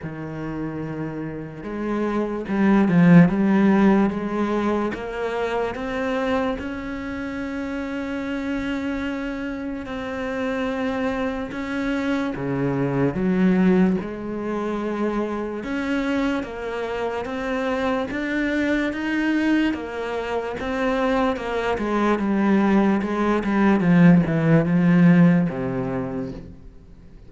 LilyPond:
\new Staff \with { instrumentName = "cello" } { \time 4/4 \tempo 4 = 73 dis2 gis4 g8 f8 | g4 gis4 ais4 c'4 | cis'1 | c'2 cis'4 cis4 |
fis4 gis2 cis'4 | ais4 c'4 d'4 dis'4 | ais4 c'4 ais8 gis8 g4 | gis8 g8 f8 e8 f4 c4 | }